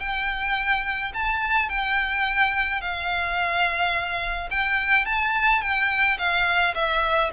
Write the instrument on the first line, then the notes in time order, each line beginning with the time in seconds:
violin
0.00 G5
1.14 A5
1.69 G5
2.81 F5
4.51 G5
5.05 A5
5.62 G5
6.18 F5
6.75 E5